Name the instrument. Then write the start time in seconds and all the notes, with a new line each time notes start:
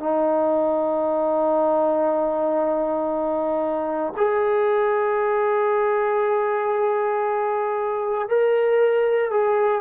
trombone
0.00 D#4
4.17 G#4
8.29 A#4
9.31 G#4